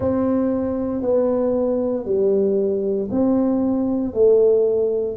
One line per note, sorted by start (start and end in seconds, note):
0.00 1.01 C4
1.01 2.05 B3
2.05 3.08 G3
3.10 4.13 C4
4.13 5.16 A3